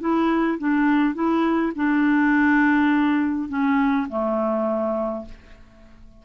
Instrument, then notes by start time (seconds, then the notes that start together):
clarinet
0.00 E4
0.59 D4
1.14 E4
1.76 D4
3.49 C#4
4.09 A3